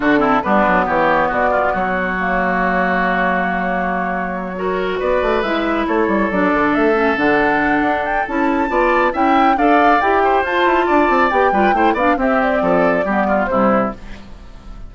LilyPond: <<
  \new Staff \with { instrumentName = "flute" } { \time 4/4 \tempo 4 = 138 a'4 b'4 cis''4 d''4 | cis''1~ | cis''2.~ cis''8 d''8~ | d''8 e''4 cis''4 d''4 e''8~ |
e''8 fis''2 g''8 a''4~ | a''4 g''4 f''4 g''4 | a''2 g''4. f''8 | e''8 d''2~ d''8 c''4 | }
  \new Staff \with { instrumentName = "oboe" } { \time 4/4 fis'8 e'8 d'4 g'4 fis'8 f'8 | fis'1~ | fis'2~ fis'8 ais'4 b'8~ | b'4. a'2~ a'8~ |
a'1 | d''4 e''4 d''4. c''8~ | c''4 d''4. b'8 c''8 d''8 | g'4 a'4 g'8 f'8 e'4 | }
  \new Staff \with { instrumentName = "clarinet" } { \time 4/4 d'8 c'8 b2.~ | b4 ais2.~ | ais2~ ais8 fis'4.~ | fis'8 e'2 d'4. |
cis'8 d'2~ d'8 e'4 | f'4 e'4 a'4 g'4 | f'2 g'8 f'8 e'8 d'8 | c'2 b4 g4 | }
  \new Staff \with { instrumentName = "bassoon" } { \time 4/4 d4 g8 fis8 e4 b,4 | fis1~ | fis2.~ fis8 b8 | a8 gis4 a8 g8 fis8 d8 a8~ |
a8 d4. d'4 cis'4 | b4 cis'4 d'4 e'4 | f'8 e'8 d'8 c'8 b8 g8 a8 b8 | c'4 f4 g4 c4 | }
>>